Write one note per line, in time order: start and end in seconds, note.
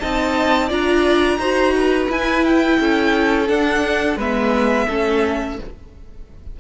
0.00 0.71 C4
0.00 0.70 D#4
0.00 0.68 D#5
0.00 0.70 A5
0.68 1.38 D4
0.68 1.40 F4
0.68 1.38 D5
0.68 2.11 A#5
1.38 2.08 D#4
1.38 2.09 F#4
1.38 1.74 C5
1.75 2.80 B4
2.09 3.48 E4
2.09 2.80 E4
2.09 2.45 G#5
2.45 3.49 G5
2.80 3.49 C#4
2.80 4.17 A4
3.48 4.18 D4
3.48 4.16 D4
3.48 4.18 F#5
4.16 4.86 G#3
4.16 4.90 B3
4.16 4.87 B4
4.16 5.60 E5
4.87 5.59 A3
4.87 5.60 C#4
4.87 5.57 A4